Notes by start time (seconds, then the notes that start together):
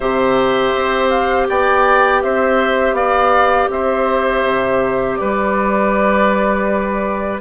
0.00 C3 G4 C5 E5
0.74 C4
1.09 F5
1.48 B3 D5 G5
2.22 C4 C5 E5
2.92 B3 D5 F5
3.70 C4 C5 E5
4.43 C3
5.16 G3 B4 D5